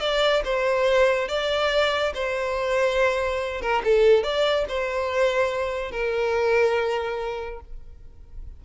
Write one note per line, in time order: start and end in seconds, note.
0.00 0.42 D5
0.45 1.28 C5
1.28 2.13 D5
2.14 3.61 C5
3.61 3.82 A#4
3.84 4.23 A4
4.23 4.65 D5
4.69 5.91 C5
5.91 7.60 A#4